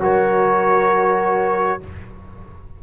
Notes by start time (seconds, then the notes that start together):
0.00 F#3 F#4 A#4 C#5